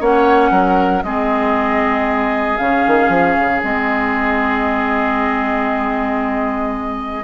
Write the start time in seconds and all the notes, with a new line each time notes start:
0.00 A#3 C#4 C#5 F#5
0.51 F#3 A#4
1.03 G#3 C4 G#4 D#5
2.57 C#3 C#4 F5
2.87 D#3
3.09 F3
3.39 C#3
3.61 G#3 C4 D#5